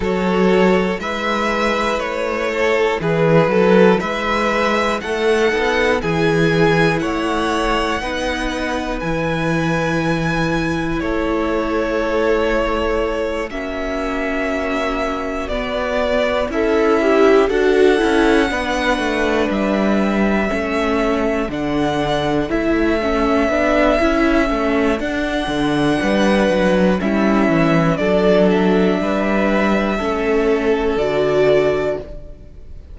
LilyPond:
<<
  \new Staff \with { instrumentName = "violin" } { \time 4/4 \tempo 4 = 60 cis''4 e''4 cis''4 b'4 | e''4 fis''4 gis''4 fis''4~ | fis''4 gis''2 cis''4~ | cis''4. e''2 d''8~ |
d''8 e''4 fis''2 e''8~ | e''4. fis''4 e''4.~ | e''4 fis''2 e''4 | d''8 e''2~ e''8 d''4 | }
  \new Staff \with { instrumentName = "violin" } { \time 4/4 a'4 b'4. a'8 gis'8 a'8 | b'4 a'4 gis'4 cis''4 | b'2. a'4~ | a'4. fis'2~ fis'8~ |
fis'8 e'4 a'4 b'4.~ | b'8 a'2.~ a'8~ | a'2 b'4 e'4 | a'4 b'4 a'2 | }
  \new Staff \with { instrumentName = "viola" } { \time 4/4 fis'4 e'2.~ | e'4. dis'8 e'2 | dis'4 e'2.~ | e'4. cis'2 b8~ |
b8 a'8 g'8 fis'8 e'8 d'4.~ | d'8 cis'4 d'4 e'8 cis'8 d'8 | e'8 cis'8 d'2 cis'4 | d'2 cis'4 fis'4 | }
  \new Staff \with { instrumentName = "cello" } { \time 4/4 fis4 gis4 a4 e8 fis8 | gis4 a8 b8 e4 a4 | b4 e2 a4~ | a4. ais2 b8~ |
b8 cis'4 d'8 cis'8 b8 a8 g8~ | g8 a4 d4 a4 b8 | cis'8 a8 d'8 d8 g8 fis8 g8 e8 | fis4 g4 a4 d4 | }
>>